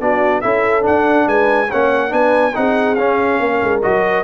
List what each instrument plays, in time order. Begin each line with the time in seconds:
0.00 tuba B3, trombone D4, horn F#4, trumpet D5
0.41 tuba C#4, trombone E4, horn A4, trumpet E5
0.81 trombone D4, tuba D4, trumpet F#5
1.26 tuba G#3, horn B4, trumpet G#5
1.68 tuba A#3, trombone C#4, horn C#5, trumpet F#5
2.09 tuba B3, trombone D4, horn B4, trumpet G#5
2.54 tuba C4, trombone D#4, horn G#4, trumpet F#5
2.95 tuba C#4, trombone C#4, trumpet F5
3.39 tuba A#3, horn A#4
3.62 tuba G#3
3.82 tuba F#3, trombone F#4, trumpet D#5